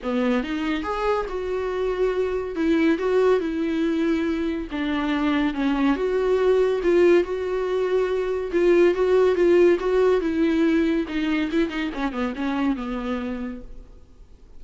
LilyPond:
\new Staff \with { instrumentName = "viola" } { \time 4/4 \tempo 4 = 141 b4 dis'4 gis'4 fis'4~ | fis'2 e'4 fis'4 | e'2. d'4~ | d'4 cis'4 fis'2 |
f'4 fis'2. | f'4 fis'4 f'4 fis'4 | e'2 dis'4 e'8 dis'8 | cis'8 b8 cis'4 b2 | }